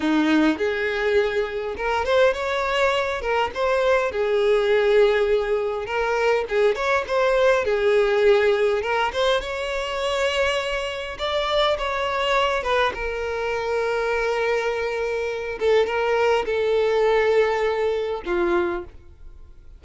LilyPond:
\new Staff \with { instrumentName = "violin" } { \time 4/4 \tempo 4 = 102 dis'4 gis'2 ais'8 c''8 | cis''4. ais'8 c''4 gis'4~ | gis'2 ais'4 gis'8 cis''8 | c''4 gis'2 ais'8 c''8 |
cis''2. d''4 | cis''4. b'8 ais'2~ | ais'2~ ais'8 a'8 ais'4 | a'2. f'4 | }